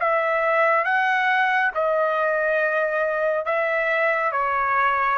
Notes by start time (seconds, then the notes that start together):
0.00 E5
0.85 F#5
1.75 D#5
3.45 E5
4.32 C#5